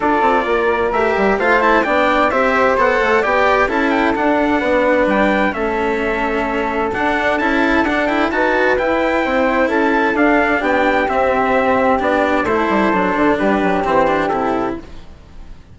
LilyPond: <<
  \new Staff \with { instrumentName = "trumpet" } { \time 4/4 \tempo 4 = 130 d''2 e''4 f''8 a''8 | g''4 e''4 fis''4 g''4 | a''8 g''8 fis''2 g''4 | e''2. fis''4 |
a''4 fis''8 g''8 a''4 g''4~ | g''4 a''4 f''4 g''4 | e''2 d''4 c''4~ | c''4 b'4 c''4 a'4 | }
  \new Staff \with { instrumentName = "flute" } { \time 4/4 a'4 ais'2 c''4 | d''4 c''2 d''4 | a'2 b'2 | a'1~ |
a'2 b'2 | c''4 a'2 g'4~ | g'2. a'4~ | a'4 g'2. | }
  \new Staff \with { instrumentName = "cello" } { \time 4/4 f'2 g'4 f'8 e'8 | d'4 g'4 a'4 g'4 | e'4 d'2. | cis'2. d'4 |
e'4 d'8 e'8 fis'4 e'4~ | e'2 d'2 | c'2 d'4 e'4 | d'2 c'8 d'8 e'4 | }
  \new Staff \with { instrumentName = "bassoon" } { \time 4/4 d'8 c'8 ais4 a8 g8 a4 | b4 c'4 b8 a8 b4 | cis'4 d'4 b4 g4 | a2. d'4 |
cis'4 d'4 dis'4 e'4 | c'4 cis'4 d'4 b4 | c'2 b4 a8 g8 | fis8 d8 g8 fis8 e4 c4 | }
>>